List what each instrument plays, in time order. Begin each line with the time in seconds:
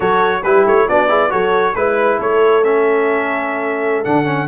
0.00 tuba F#3, trombone F#4, horn A4, trumpet C#5
0.43 tuba G3, trombone E4, horn G4, trumpet B4
0.65 tuba A3, trumpet C#5
0.88 tuba B3, trombone D4, horn F#4, trumpet D5
1.08 trombone E4, horn G#4
1.29 tuba F#3, trombone F#4, horn A4, trumpet C#5
1.74 tuba G#3, trombone E4, trumpet B4, horn B4
2.17 tuba A3, horn A4, trumpet C#5
2.63 trombone C#4, trumpet E5
4.04 tuba D3, trombone D4, trumpet F#5
4.24 trombone C#4